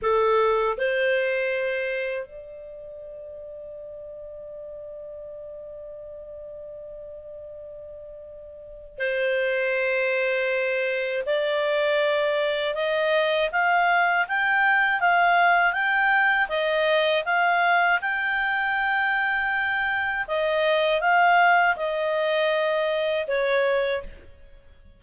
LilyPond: \new Staff \with { instrumentName = "clarinet" } { \time 4/4 \tempo 4 = 80 a'4 c''2 d''4~ | d''1~ | d''1 | c''2. d''4~ |
d''4 dis''4 f''4 g''4 | f''4 g''4 dis''4 f''4 | g''2. dis''4 | f''4 dis''2 cis''4 | }